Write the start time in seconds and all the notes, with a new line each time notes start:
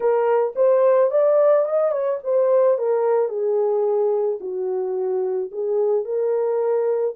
0.00 A#4
0.55 C5
1.10 D5
1.65 D#5
1.91 C#5
2.23 C5
2.78 A#4
3.28 G#4
4.40 F#4
5.51 G#4
6.05 A#4